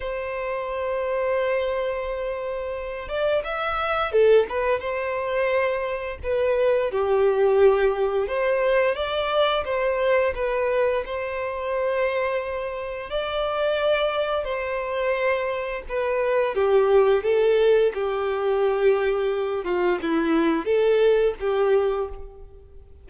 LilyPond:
\new Staff \with { instrumentName = "violin" } { \time 4/4 \tempo 4 = 87 c''1~ | c''8 d''8 e''4 a'8 b'8 c''4~ | c''4 b'4 g'2 | c''4 d''4 c''4 b'4 |
c''2. d''4~ | d''4 c''2 b'4 | g'4 a'4 g'2~ | g'8 f'8 e'4 a'4 g'4 | }